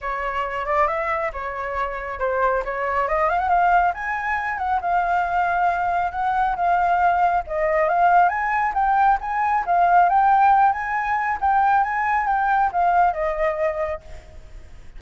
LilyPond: \new Staff \with { instrumentName = "flute" } { \time 4/4 \tempo 4 = 137 cis''4. d''8 e''4 cis''4~ | cis''4 c''4 cis''4 dis''8 f''16 fis''16 | f''4 gis''4. fis''8 f''4~ | f''2 fis''4 f''4~ |
f''4 dis''4 f''4 gis''4 | g''4 gis''4 f''4 g''4~ | g''8 gis''4. g''4 gis''4 | g''4 f''4 dis''2 | }